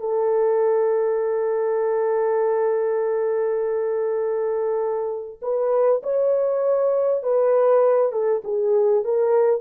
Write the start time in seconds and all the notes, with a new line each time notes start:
0.00 A4
5.42 B4
6.03 C#5
7.23 B4
8.12 A4
8.44 G#4
9.04 A#4